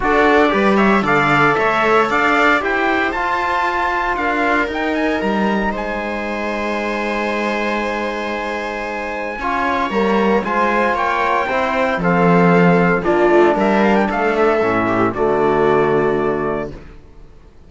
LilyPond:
<<
  \new Staff \with { instrumentName = "trumpet" } { \time 4/4 \tempo 4 = 115 d''4. e''8 f''4 e''4 | f''4 g''4 a''2 | f''4 g''8 gis''8 ais''4 gis''4~ | gis''1~ |
gis''2. ais''4 | gis''4 g''2 f''4~ | f''4 d''4 e''8 f''16 g''16 f''8 e''8~ | e''4 d''2. | }
  \new Staff \with { instrumentName = "viola" } { \time 4/4 a'4 b'8 cis''8 d''4 cis''4 | d''4 c''2. | ais'2. c''4~ | c''1~ |
c''2 cis''2 | c''4 cis''4 c''4 a'4~ | a'4 f'4 ais'4 a'4~ | a'8 g'8 fis'2. | }
  \new Staff \with { instrumentName = "trombone" } { \time 4/4 fis'4 g'4 a'2~ | a'4 g'4 f'2~ | f'4 dis'2.~ | dis'1~ |
dis'2 f'4 ais4 | f'2 e'4 c'4~ | c'4 d'2. | cis'4 a2. | }
  \new Staff \with { instrumentName = "cello" } { \time 4/4 d'4 g4 d4 a4 | d'4 e'4 f'2 | d'4 dis'4 g4 gis4~ | gis1~ |
gis2 cis'4 g4 | gis4 ais4 c'4 f4~ | f4 ais8 a8 g4 a4 | a,4 d2. | }
>>